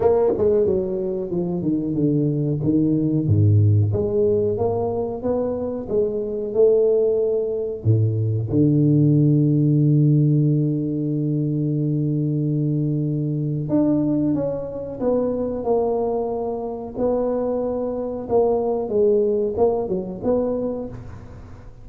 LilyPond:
\new Staff \with { instrumentName = "tuba" } { \time 4/4 \tempo 4 = 92 ais8 gis8 fis4 f8 dis8 d4 | dis4 gis,4 gis4 ais4 | b4 gis4 a2 | a,4 d2.~ |
d1~ | d4 d'4 cis'4 b4 | ais2 b2 | ais4 gis4 ais8 fis8 b4 | }